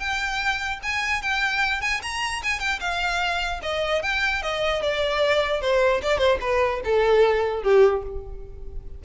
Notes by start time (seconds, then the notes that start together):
0.00 G5
0.83 G#5
1.23 G5
1.82 G#5
2.03 A#5
2.44 G#5
2.60 G5
2.81 F5
3.63 D#5
4.03 G5
4.43 D#5
4.82 D5
5.62 C5
6.03 D5
6.19 C5
6.41 B4
6.85 A4
7.63 G4